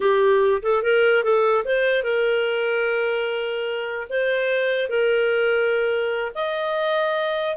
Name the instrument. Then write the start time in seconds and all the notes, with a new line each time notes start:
clarinet
0.00 G4
0.62 A4
0.83 A#4
1.23 A4
1.64 C5
2.03 A#4
4.09 C5
4.89 A#4
6.34 D#5